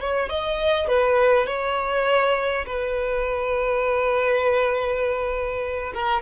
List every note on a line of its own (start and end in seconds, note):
0.00 0.29 C#5
0.29 0.88 D#5
0.88 1.46 B4
1.46 2.65 C#5
2.66 5.93 B4
5.94 6.22 A#4